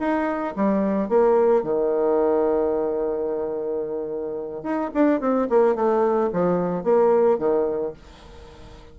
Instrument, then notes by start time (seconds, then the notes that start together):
bassoon
0.00 D#4
0.57 G3
1.09 A#3
1.64 D#3
4.64 D#4
4.94 D4
5.21 C4
5.50 A#3
5.76 A3
6.34 F3
6.84 A#3
7.39 D#3